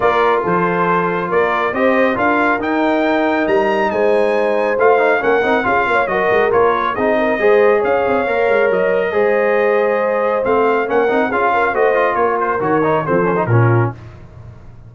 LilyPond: <<
  \new Staff \with { instrumentName = "trumpet" } { \time 4/4 \tempo 4 = 138 d''4 c''2 d''4 | dis''4 f''4 g''2 | ais''4 gis''2 f''4 | fis''4 f''4 dis''4 cis''4 |
dis''2 f''2 | dis''1 | f''4 fis''4 f''4 dis''4 | cis''8 c''8 cis''4 c''4 ais'4 | }
  \new Staff \with { instrumentName = "horn" } { \time 4/4 ais'4 a'2 ais'4 | c''4 ais'2.~ | ais'4 c''2. | ais'4 gis'8 cis''8 ais'2 |
gis'8 ais'8 c''4 cis''2~ | cis''4 c''2.~ | c''4 ais'4 gis'8 ais'8 c''4 | ais'2 a'4 f'4 | }
  \new Staff \with { instrumentName = "trombone" } { \time 4/4 f'1 | g'4 f'4 dis'2~ | dis'2. f'8 dis'8 | cis'8 dis'8 f'4 fis'4 f'4 |
dis'4 gis'2 ais'4~ | ais'4 gis'2. | c'4 cis'8 dis'8 f'4 fis'8 f'8~ | f'4 fis'8 dis'8 c'8 cis'16 dis'16 cis'4 | }
  \new Staff \with { instrumentName = "tuba" } { \time 4/4 ais4 f2 ais4 | c'4 d'4 dis'2 | g4 gis2 a4 | ais8 c'8 cis'8 ais8 fis8 gis8 ais4 |
c'4 gis4 cis'8 c'8 ais8 gis8 | fis4 gis2. | a4 ais8 c'8 cis'4 a4 | ais4 dis4 f4 ais,4 | }
>>